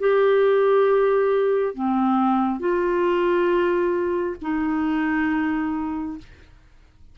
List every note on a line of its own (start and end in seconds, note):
0.00 1.75 G4
1.75 2.59 C4
2.59 4.36 F4
4.42 6.18 D#4